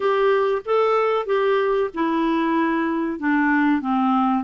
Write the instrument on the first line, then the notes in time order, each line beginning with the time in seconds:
clarinet
0.00 G4
0.65 A4
1.26 G4
1.94 E4
3.19 D4
3.81 C4